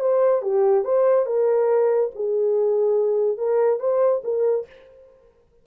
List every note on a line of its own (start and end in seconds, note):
0.00 0.42 C5
0.42 0.85 G4
0.85 1.26 C5
1.26 2.11 A#4
2.15 3.38 G#4
3.38 3.80 A#4
3.80 4.22 C5
4.24 4.66 A#4